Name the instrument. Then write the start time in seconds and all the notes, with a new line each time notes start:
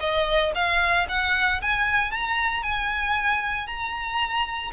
violin
0.00 D#5
0.55 F5
1.09 F#5
1.62 G#5
2.11 A#5
2.63 G#5
3.67 A#5